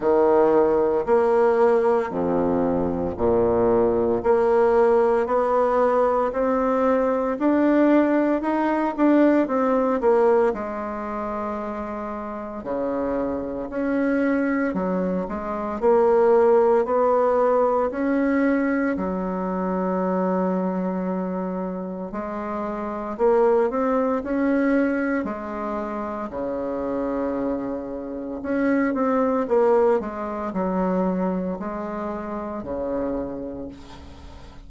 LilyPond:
\new Staff \with { instrumentName = "bassoon" } { \time 4/4 \tempo 4 = 57 dis4 ais4 f,4 ais,4 | ais4 b4 c'4 d'4 | dis'8 d'8 c'8 ais8 gis2 | cis4 cis'4 fis8 gis8 ais4 |
b4 cis'4 fis2~ | fis4 gis4 ais8 c'8 cis'4 | gis4 cis2 cis'8 c'8 | ais8 gis8 fis4 gis4 cis4 | }